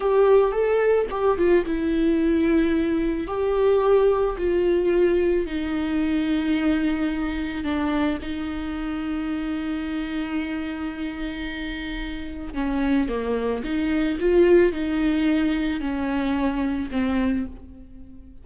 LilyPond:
\new Staff \with { instrumentName = "viola" } { \time 4/4 \tempo 4 = 110 g'4 a'4 g'8 f'8 e'4~ | e'2 g'2 | f'2 dis'2~ | dis'2 d'4 dis'4~ |
dis'1~ | dis'2. cis'4 | ais4 dis'4 f'4 dis'4~ | dis'4 cis'2 c'4 | }